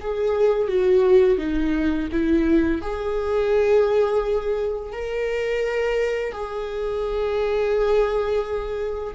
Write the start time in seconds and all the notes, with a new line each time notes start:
0.00 G#4
0.68 F#4
1.38 D#4
2.12 E4
2.81 G#4
4.92 A#4
6.32 G#4